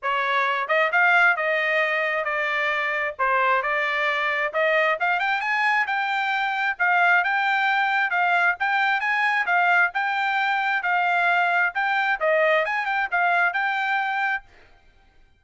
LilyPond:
\new Staff \with { instrumentName = "trumpet" } { \time 4/4 \tempo 4 = 133 cis''4. dis''8 f''4 dis''4~ | dis''4 d''2 c''4 | d''2 dis''4 f''8 g''8 | gis''4 g''2 f''4 |
g''2 f''4 g''4 | gis''4 f''4 g''2 | f''2 g''4 dis''4 | gis''8 g''8 f''4 g''2 | }